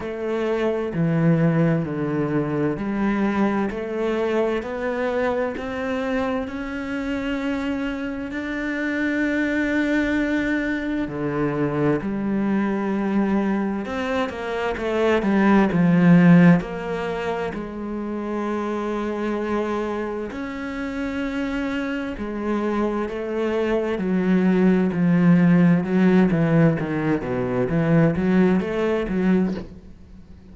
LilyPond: \new Staff \with { instrumentName = "cello" } { \time 4/4 \tempo 4 = 65 a4 e4 d4 g4 | a4 b4 c'4 cis'4~ | cis'4 d'2. | d4 g2 c'8 ais8 |
a8 g8 f4 ais4 gis4~ | gis2 cis'2 | gis4 a4 fis4 f4 | fis8 e8 dis8 b,8 e8 fis8 a8 fis8 | }